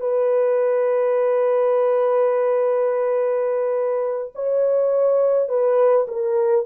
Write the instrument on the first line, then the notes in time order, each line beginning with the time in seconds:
horn
0.00 B4
4.35 C#5
5.49 B4
6.08 A#4